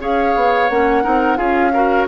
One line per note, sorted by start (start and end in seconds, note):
0.00 0.34 C#4
0.00 0.69 G#4
0.00 1.03 C#5
0.00 0.69 F5
0.35 0.69 B3
0.69 1.04 A#3
0.69 1.03 C#4
0.69 1.37 F#5
1.03 1.39 C4
1.03 1.36 D#4
1.03 1.37 A#4
1.36 2.07 C#4
1.36 1.71 F4
1.36 1.72 G#4
1.36 2.06 F5
1.73 2.08 F#4
1.73 2.07 A#4